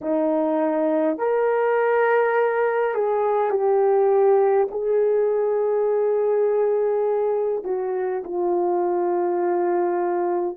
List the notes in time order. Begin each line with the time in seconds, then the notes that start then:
0.01 D#4
1.18 A#4
2.94 G#4
3.50 G4
4.71 G#4
7.64 F#4
8.24 F4